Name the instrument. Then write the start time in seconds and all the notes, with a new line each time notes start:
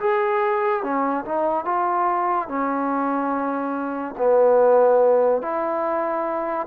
trombone
0.00 G#4
0.83 C#4
1.25 D#4
1.65 F4
2.48 C#4
4.18 B3
5.42 E4